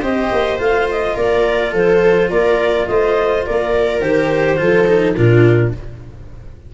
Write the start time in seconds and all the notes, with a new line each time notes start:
0.00 C4 G4 C5 D#5
0.32 A#3
0.58 A3 F4 F5
0.90 D#5
1.15 A#3 A#4 D5
1.72 F3 A4 C5
2.30 A#3 A#4 D5
2.87 A3 C5 D#5
3.45 A#3 A#4 D5
4.00 D#3 G4 C5
4.56 F3 F4 A4
4.87 D#4
5.15 A#2 D4 F4 A#4